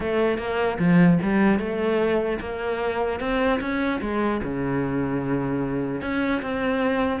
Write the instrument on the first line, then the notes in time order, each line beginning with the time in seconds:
cello
0.00 A3
0.38 A#3
0.78 F3
1.22 G3
1.59 A3
2.40 A#3
3.20 C4
3.60 C#4
4.01 G#3
4.43 C#3
6.01 C#4
6.41 C4